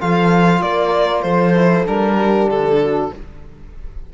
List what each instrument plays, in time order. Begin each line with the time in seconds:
0.00 cello F3, trombone F4, horn A4, violin F5
0.61 cello A#3, horn A#4, violin D5
1.22 cello F3, horn A4, violin C5
1.55 trombone E4
1.86 cello G3, trombone D4, violin A#4
2.17 horn G4
2.47 cello D3, violin A4
2.82 horn F#4